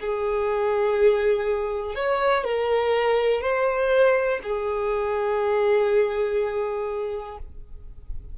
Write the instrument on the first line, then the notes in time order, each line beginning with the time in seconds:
violin
0.00 G#4
1.95 C#5
2.44 A#4
3.41 C5
4.43 G#4